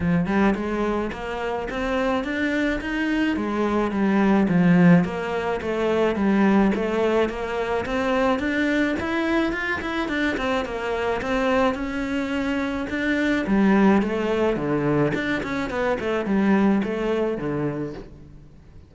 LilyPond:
\new Staff \with { instrumentName = "cello" } { \time 4/4 \tempo 4 = 107 f8 g8 gis4 ais4 c'4 | d'4 dis'4 gis4 g4 | f4 ais4 a4 g4 | a4 ais4 c'4 d'4 |
e'4 f'8 e'8 d'8 c'8 ais4 | c'4 cis'2 d'4 | g4 a4 d4 d'8 cis'8 | b8 a8 g4 a4 d4 | }